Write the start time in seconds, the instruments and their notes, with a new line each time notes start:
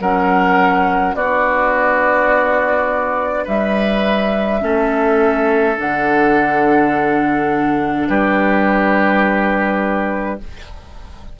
0.00 bassoon F#3, clarinet C#4, oboe A#4, flute F#5
1.14 bassoon B3, clarinet D4, oboe F#4, flute D5
3.44 bassoon G3, oboe B4, flute E5
4.60 bassoon A3, clarinet C#4, oboe A4
5.77 bassoon D3, clarinet D4, flute F#5
8.08 bassoon G3, oboe G4, flute B4